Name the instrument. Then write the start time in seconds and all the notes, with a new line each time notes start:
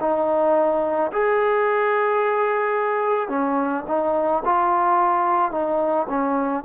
trombone
0.00 D#4
1.12 G#4
3.28 C#4
3.87 D#4
4.44 F4
5.51 D#4
6.09 C#4